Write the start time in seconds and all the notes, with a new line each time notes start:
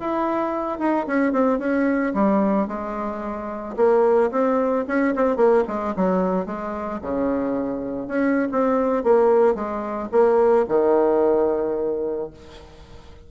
0.00 E4
0.79 D#4
1.07 C#4
1.32 C4
1.59 C#4
2.14 G3
2.68 G#3
3.77 A#3
4.31 C4
4.88 C#4
5.15 C4
5.37 A#3
5.68 G#3
5.96 F#3
6.46 G#3
7.02 C#3
8.08 C#4
8.52 C4
9.04 A#3
9.55 G#3
10.12 A#3
10.69 D#3